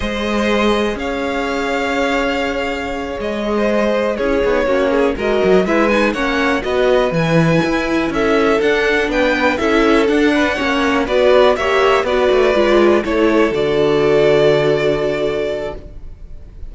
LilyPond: <<
  \new Staff \with { instrumentName = "violin" } { \time 4/4 \tempo 4 = 122 dis''2 f''2~ | f''2~ f''8 dis''4.~ | dis''8 cis''2 dis''4 e''8 | gis''8 fis''4 dis''4 gis''4.~ |
gis''8 e''4 fis''4 g''4 e''8~ | e''8 fis''2 d''4 e''8~ | e''8 d''2 cis''4 d''8~ | d''1 | }
  \new Staff \with { instrumentName = "violin" } { \time 4/4 c''2 cis''2~ | cis''2.~ cis''16 c''8.~ | c''8 gis'4 fis'8 gis'8 ais'4 b'8~ | b'8 cis''4 b'2~ b'8~ |
b'8 a'2 b'4 a'8~ | a'4 b'8 cis''4 b'4 cis''8~ | cis''8 b'2 a'4.~ | a'1 | }
  \new Staff \with { instrumentName = "viola" } { \time 4/4 gis'1~ | gis'1~ | gis'8 e'8 dis'8 cis'4 fis'4 e'8 | dis'8 cis'4 fis'4 e'4.~ |
e'4. d'2 e'8~ | e'8 d'4 cis'4 fis'4 g'8~ | g'8 fis'4 f'4 e'4 fis'8~ | fis'1 | }
  \new Staff \with { instrumentName = "cello" } { \time 4/4 gis2 cis'2~ | cis'2~ cis'8 gis4.~ | gis8 cis'8 b8 ais4 gis8 fis8 gis8~ | gis8 ais4 b4 e4 e'8~ |
e'8 cis'4 d'4 b4 cis'8~ | cis'8 d'4 ais4 b4 ais8~ | ais8 b8 a8 gis4 a4 d8~ | d1 | }
>>